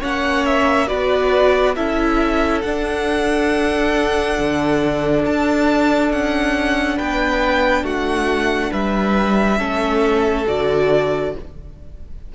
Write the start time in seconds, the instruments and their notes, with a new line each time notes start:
0.00 cello A#3, viola C#4, violin C#5 F#5
0.45 violin E5
0.88 cello B3, viola F#4, violin B4 D5
1.76 cello C#4, viola E4, violin A4 E5
2.61 cello D4, viola D4, violin F#5
4.38 cello D3
5.26 cello D4, violin A5
6.11 cello C#4, violin F#5
6.97 cello B3, violin B4 G5
7.83 cello A3, violin F#4 F#5
8.71 cello G3, violin B4 E5
9.58 cello A3, viola C#4, violin A4
10.47 cello D3, viola F#4, violin D5